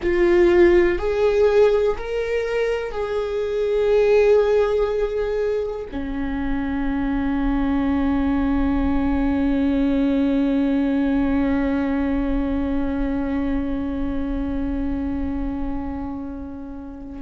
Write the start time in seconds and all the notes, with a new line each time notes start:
0.02 F4
0.98 G#4
1.97 A#4
2.91 G#4
5.92 C#4